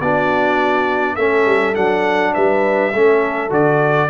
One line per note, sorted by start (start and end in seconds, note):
0.00 1.17 B3
0.00 1.18 D4
0.00 1.14 F#4
0.00 1.15 D5
1.14 1.45 A3
1.14 1.74 C#4
1.14 2.32 A4
1.14 1.74 E5
1.45 1.75 G3
1.74 2.35 F#3
1.74 2.92 D4
1.74 2.33 F#5
2.33 2.93 G3
2.33 2.92 B4
2.33 3.51 E5
2.92 3.50 A3
2.92 3.49 C#4
2.92 4.09 A4
3.49 4.09 D3
3.49 4.08 F#4
3.49 4.09 D5